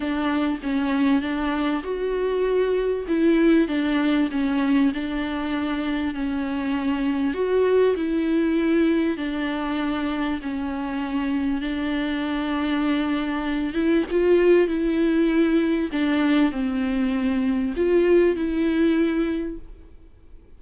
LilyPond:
\new Staff \with { instrumentName = "viola" } { \time 4/4 \tempo 4 = 98 d'4 cis'4 d'4 fis'4~ | fis'4 e'4 d'4 cis'4 | d'2 cis'2 | fis'4 e'2 d'4~ |
d'4 cis'2 d'4~ | d'2~ d'8 e'8 f'4 | e'2 d'4 c'4~ | c'4 f'4 e'2 | }